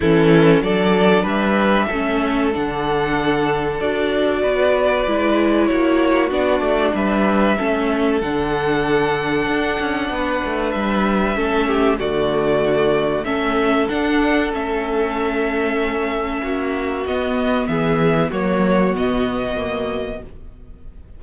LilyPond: <<
  \new Staff \with { instrumentName = "violin" } { \time 4/4 \tempo 4 = 95 a'4 d''4 e''2 | fis''2 d''2~ | d''4 cis''4 d''4 e''4~ | e''4 fis''2.~ |
fis''4 e''2 d''4~ | d''4 e''4 fis''4 e''4~ | e''2. dis''4 | e''4 cis''4 dis''2 | }
  \new Staff \with { instrumentName = "violin" } { \time 4/4 e'4 a'4 b'4 a'4~ | a'2. b'4~ | b'4 fis'2 b'4 | a'1 |
b'2 a'8 g'8 fis'4~ | fis'4 a'2.~ | a'2 fis'2 | gis'4 fis'2. | }
  \new Staff \with { instrumentName = "viola" } { \time 4/4 cis'4 d'2 cis'4 | d'2 fis'2 | e'2 d'2 | cis'4 d'2.~ |
d'2 cis'4 a4~ | a4 cis'4 d'4 cis'4~ | cis'2. b4~ | b4 ais4 b4 ais4 | }
  \new Staff \with { instrumentName = "cello" } { \time 4/4 e4 fis4 g4 a4 | d2 d'4 b4 | gis4 ais4 b8 a8 g4 | a4 d2 d'8 cis'8 |
b8 a8 g4 a4 d4~ | d4 a4 d'4 a4~ | a2 ais4 b4 | e4 fis4 b,2 | }
>>